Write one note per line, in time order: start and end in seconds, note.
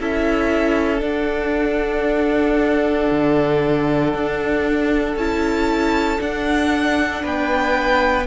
0.00 1.02 C#4
0.00 0.99 E4
0.00 7.23 A4
0.00 1.04 E5
0.99 5.13 D4
0.99 3.09 D4
0.99 5.17 F#5
3.11 4.14 D3
4.14 5.16 D4
5.16 6.19 C#4
5.16 6.19 E4
5.16 6.21 A5
6.19 8.25 D4
6.19 7.24 D4
6.19 7.25 F#5
7.23 8.27 B3
7.23 8.27 B4
7.23 8.27 G5